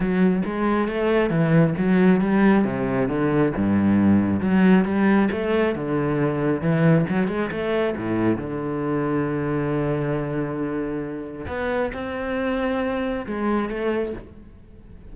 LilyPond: \new Staff \with { instrumentName = "cello" } { \time 4/4 \tempo 4 = 136 fis4 gis4 a4 e4 | fis4 g4 c4 d4 | g,2 fis4 g4 | a4 d2 e4 |
fis8 gis8 a4 a,4 d4~ | d1~ | d2 b4 c'4~ | c'2 gis4 a4 | }